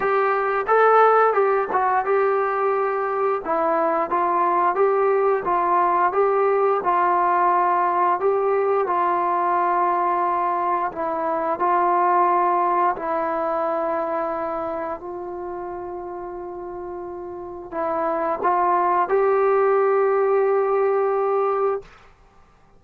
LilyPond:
\new Staff \with { instrumentName = "trombone" } { \time 4/4 \tempo 4 = 88 g'4 a'4 g'8 fis'8 g'4~ | g'4 e'4 f'4 g'4 | f'4 g'4 f'2 | g'4 f'2. |
e'4 f'2 e'4~ | e'2 f'2~ | f'2 e'4 f'4 | g'1 | }